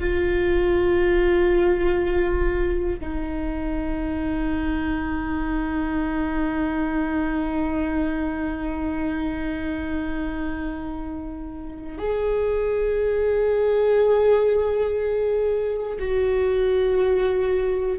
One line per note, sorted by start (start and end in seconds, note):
0.00 3.00 F4
3.00 11.99 D#4
11.99 15.99 G#4
16.00 18.00 F#4